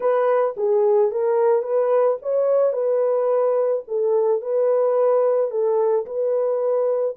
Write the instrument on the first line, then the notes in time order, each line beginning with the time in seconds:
horn
0.00 B4
0.57 G#4
1.11 A#4
1.62 B4
2.22 C#5
2.72 B4
3.87 A4
4.41 B4
5.50 A4
6.06 B4